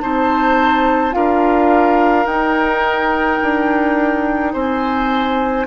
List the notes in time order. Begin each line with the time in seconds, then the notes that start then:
0.00 C4 D#4 C5 A5
1.11 D4 F4 A#4 F5
2.25 D#4 G5
3.42 D4
4.53 C4 C5 G#5